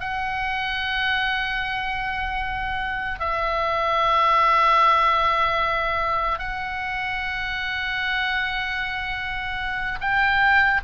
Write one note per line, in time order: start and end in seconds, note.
0.00 3.20 F#5
3.20 6.39 E5
6.39 9.99 F#5
10.01 10.81 G5